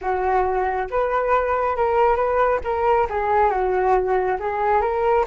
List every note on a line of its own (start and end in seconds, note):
0.01 0.89 F#4
0.90 1.76 B4
1.76 2.16 A#4
2.16 2.60 B4
2.64 3.07 A#4
3.09 3.50 G#4
3.50 4.38 F#4
4.39 4.81 G#4
4.81 5.25 A#4